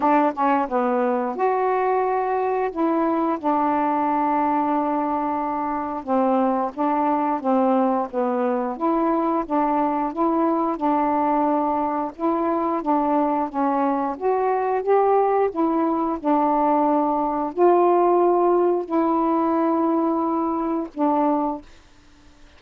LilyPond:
\new Staff \with { instrumentName = "saxophone" } { \time 4/4 \tempo 4 = 89 d'8 cis'8 b4 fis'2 | e'4 d'2.~ | d'4 c'4 d'4 c'4 | b4 e'4 d'4 e'4 |
d'2 e'4 d'4 | cis'4 fis'4 g'4 e'4 | d'2 f'2 | e'2. d'4 | }